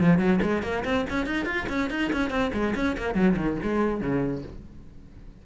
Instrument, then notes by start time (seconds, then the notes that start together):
cello
0.00 F3
0.19 F#3
0.42 G#3
0.63 A#3
0.85 C4
1.10 C#4
1.26 D#4
1.46 F4
1.69 C#4
1.90 D#4
2.13 C#4
2.30 C4
2.54 G#3
2.76 C#4
2.98 A#3
3.15 F#3
3.37 D#3
3.63 G#3
4.01 C#3